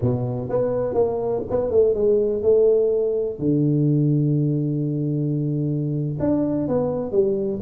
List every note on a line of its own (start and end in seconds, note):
0.01 0.49 B2
0.49 0.94 B3
0.94 1.42 A#3
1.50 1.70 B3
1.70 1.94 A3
1.94 2.42 G#3
2.42 3.39 A3
3.39 6.17 D3
6.19 6.68 D4
6.68 7.11 B3
7.11 7.60 G3